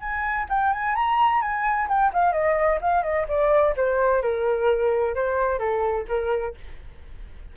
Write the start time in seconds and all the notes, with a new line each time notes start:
0.00 G#5
0.49 G5
0.73 G#5
0.95 A#5
1.41 G#5
1.88 G5
2.13 F5
2.33 D#5
2.81 F5
3.03 D#5
3.28 D5
3.76 C5
4.22 A#4
5.15 C5
5.59 A4
6.08 A#4